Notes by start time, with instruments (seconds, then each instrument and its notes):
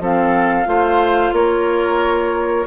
0.00 bassoon F3, clarinet C4, oboe A4, flute F5
0.66 bassoon A3, clarinet F4, oboe C5
1.33 bassoon A#3, oboe A#4, flute C#5